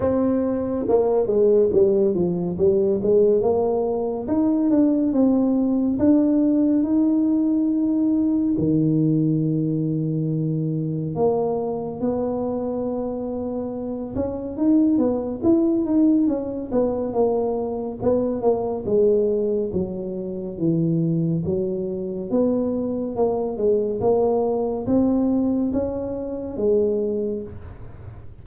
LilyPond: \new Staff \with { instrumentName = "tuba" } { \time 4/4 \tempo 4 = 70 c'4 ais8 gis8 g8 f8 g8 gis8 | ais4 dis'8 d'8 c'4 d'4 | dis'2 dis2~ | dis4 ais4 b2~ |
b8 cis'8 dis'8 b8 e'8 dis'8 cis'8 b8 | ais4 b8 ais8 gis4 fis4 | e4 fis4 b4 ais8 gis8 | ais4 c'4 cis'4 gis4 | }